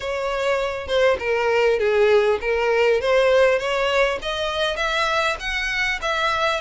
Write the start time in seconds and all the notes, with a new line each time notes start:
0.00 C#5
0.87 C5
1.19 A#4
1.79 G#4
2.41 A#4
3.00 C5
3.58 C#5
4.22 D#5
4.76 E5
5.39 F#5
6.01 E5